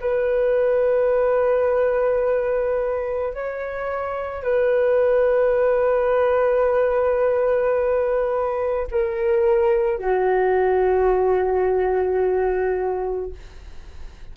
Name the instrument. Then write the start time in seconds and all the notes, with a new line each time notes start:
flute
0.00 B4
3.33 C#5
4.43 B4
8.91 A#4
9.98 F#4